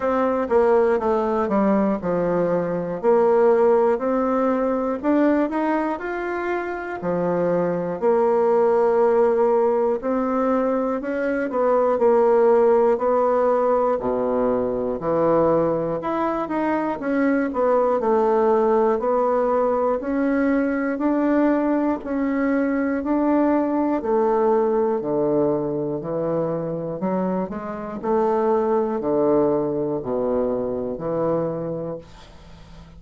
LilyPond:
\new Staff \with { instrumentName = "bassoon" } { \time 4/4 \tempo 4 = 60 c'8 ais8 a8 g8 f4 ais4 | c'4 d'8 dis'8 f'4 f4 | ais2 c'4 cis'8 b8 | ais4 b4 b,4 e4 |
e'8 dis'8 cis'8 b8 a4 b4 | cis'4 d'4 cis'4 d'4 | a4 d4 e4 fis8 gis8 | a4 d4 b,4 e4 | }